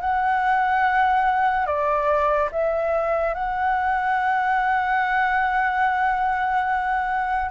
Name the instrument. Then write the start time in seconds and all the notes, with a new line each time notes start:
flute
0.00 F#5
1.66 D5
2.52 E5
3.34 F#5